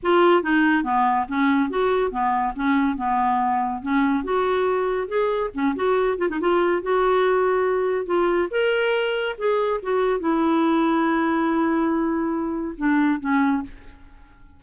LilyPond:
\new Staff \with { instrumentName = "clarinet" } { \time 4/4 \tempo 4 = 141 f'4 dis'4 b4 cis'4 | fis'4 b4 cis'4 b4~ | b4 cis'4 fis'2 | gis'4 cis'8 fis'4 f'16 dis'16 f'4 |
fis'2. f'4 | ais'2 gis'4 fis'4 | e'1~ | e'2 d'4 cis'4 | }